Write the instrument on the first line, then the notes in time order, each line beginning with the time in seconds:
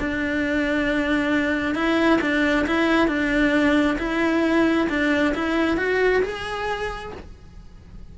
cello
0.00 D4
1.75 E4
2.22 D4
2.67 E4
3.08 D4
3.99 E4
4.89 D4
5.35 E4
5.77 F#4
6.23 G#4